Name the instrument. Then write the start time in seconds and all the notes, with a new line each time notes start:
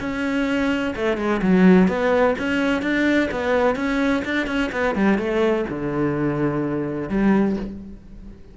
cello
0.00 C#4
0.96 A3
1.17 G#3
1.42 F#3
1.88 B3
2.38 C#4
2.82 D4
3.31 B3
3.76 C#4
4.25 D4
4.47 C#4
4.72 B3
4.95 G3
5.18 A3
5.69 D3
7.09 G3